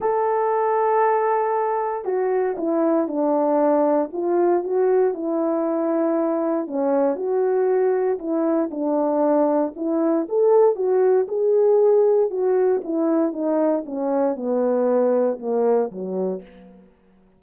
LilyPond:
\new Staff \with { instrumentName = "horn" } { \time 4/4 \tempo 4 = 117 a'1 | fis'4 e'4 d'2 | f'4 fis'4 e'2~ | e'4 cis'4 fis'2 |
e'4 d'2 e'4 | a'4 fis'4 gis'2 | fis'4 e'4 dis'4 cis'4 | b2 ais4 fis4 | }